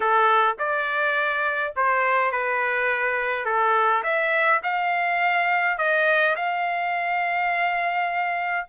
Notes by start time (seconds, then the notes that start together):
0.00 A4
0.58 D5
1.75 C5
2.31 B4
3.45 A4
4.03 E5
4.63 F5
5.77 D#5
6.36 F5